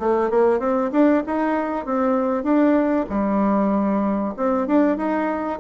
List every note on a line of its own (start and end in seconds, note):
0.00 0.30 A3
0.30 0.60 A#3
0.60 0.91 C4
0.92 1.23 D4
1.26 1.86 D#4
1.86 2.44 C4
2.44 3.07 D4
3.10 4.35 G3
4.37 4.68 C4
4.68 4.97 D4
4.97 5.60 D#4